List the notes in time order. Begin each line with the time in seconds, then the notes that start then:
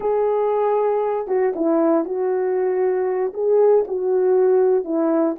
0.00 G#4
1.27 F#4
1.55 E4
2.04 F#4
3.33 G#4
3.87 F#4
4.84 E4